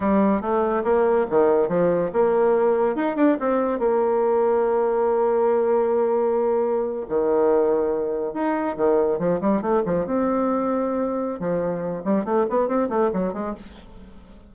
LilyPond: \new Staff \with { instrumentName = "bassoon" } { \time 4/4 \tempo 4 = 142 g4 a4 ais4 dis4 | f4 ais2 dis'8 d'8 | c'4 ais2.~ | ais1~ |
ais8. dis2. dis'16~ | dis'8. dis4 f8 g8 a8 f8 c'16~ | c'2. f4~ | f8 g8 a8 b8 c'8 a8 fis8 gis8 | }